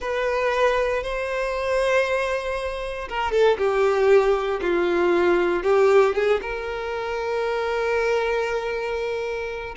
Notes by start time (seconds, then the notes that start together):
0.00 B4
1.03 C5
3.08 A#4
3.31 A4
3.58 G4
4.61 F4
5.63 G4
6.14 G#4
6.41 A#4